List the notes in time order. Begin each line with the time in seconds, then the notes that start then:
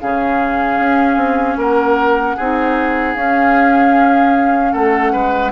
0.00 C#3 C#4 G#4 F5
0.79 C#4
1.16 C4
1.57 A#3 A#4 F#5
2.36 C4 D#4 G#4
3.15 C#4 F5
4.72 A3 A4 F#5
5.12 G#3 B4